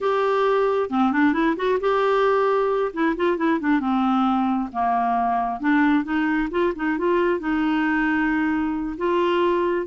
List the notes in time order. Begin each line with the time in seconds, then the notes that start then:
0.01 G4
0.90 C4
1.12 D4
1.33 E4
1.56 F#4
1.80 G4
2.93 E4
3.16 F4
3.37 E4
3.59 D4
3.80 C4
4.72 A#3
5.60 D4
6.03 D#4
6.50 F4
6.75 D#4
6.98 F4
7.39 D#4
8.97 F4